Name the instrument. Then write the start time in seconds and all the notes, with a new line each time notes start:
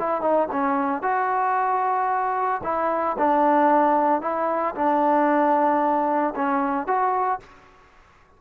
trombone
0.00 E4
0.22 D#4
0.52 C#4
1.02 F#4
2.64 E4
3.19 D4
4.22 E4
4.75 D4
6.36 C#4
6.87 F#4